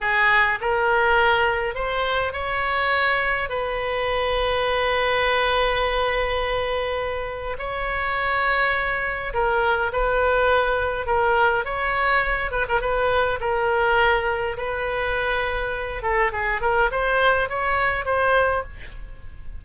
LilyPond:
\new Staff \with { instrumentName = "oboe" } { \time 4/4 \tempo 4 = 103 gis'4 ais'2 c''4 | cis''2 b'2~ | b'1~ | b'4 cis''2. |
ais'4 b'2 ais'4 | cis''4. b'16 ais'16 b'4 ais'4~ | ais'4 b'2~ b'8 a'8 | gis'8 ais'8 c''4 cis''4 c''4 | }